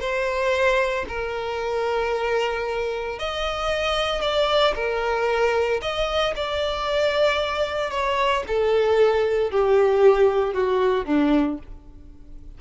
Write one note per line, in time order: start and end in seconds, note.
0.00 1.05 C5
1.08 3.18 A#4
3.18 4.21 D#5
4.21 4.74 D5
4.75 5.80 A#4
5.81 6.34 D#5
6.36 7.90 D5
7.90 8.43 C#5
8.47 9.50 A4
9.50 10.54 G4
10.54 11.05 F#4
11.05 11.58 D4